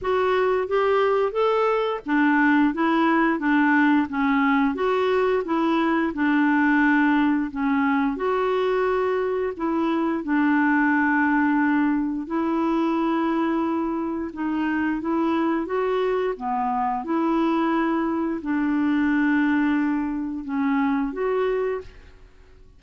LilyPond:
\new Staff \with { instrumentName = "clarinet" } { \time 4/4 \tempo 4 = 88 fis'4 g'4 a'4 d'4 | e'4 d'4 cis'4 fis'4 | e'4 d'2 cis'4 | fis'2 e'4 d'4~ |
d'2 e'2~ | e'4 dis'4 e'4 fis'4 | b4 e'2 d'4~ | d'2 cis'4 fis'4 | }